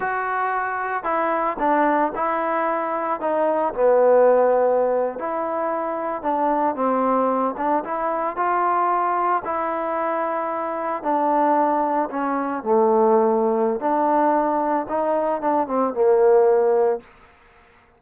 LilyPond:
\new Staff \with { instrumentName = "trombone" } { \time 4/4 \tempo 4 = 113 fis'2 e'4 d'4 | e'2 dis'4 b4~ | b4.~ b16 e'2 d'16~ | d'8. c'4. d'8 e'4 f'16~ |
f'4.~ f'16 e'2~ e'16~ | e'8. d'2 cis'4 a16~ | a2 d'2 | dis'4 d'8 c'8 ais2 | }